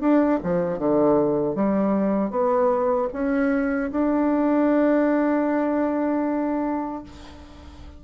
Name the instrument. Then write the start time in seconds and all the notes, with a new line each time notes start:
bassoon
0.00 D4
0.43 F3
0.78 D3
1.55 G3
2.30 B3
3.13 C#4
3.91 D4